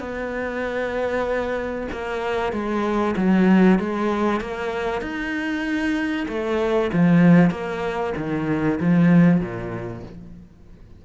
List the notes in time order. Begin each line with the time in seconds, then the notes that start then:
0.00 B3
1.92 A#3
2.53 G#3
3.17 F#3
3.79 G#3
4.41 A#3
5.02 D#4
6.28 A3
6.93 F3
7.51 A#3
8.17 D#3
8.80 F3
9.41 A#2